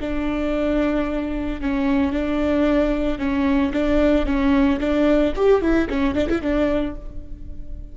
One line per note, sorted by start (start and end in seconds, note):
0.00 1.61 D4
1.61 2.12 C#4
2.12 3.19 D4
3.19 3.72 C#4
3.73 4.26 D4
4.26 4.79 C#4
4.79 5.33 D4
5.35 5.61 G4
5.61 5.88 E4
5.89 6.15 C#4
6.15 6.28 D4
6.29 6.42 E4
6.42 6.95 D4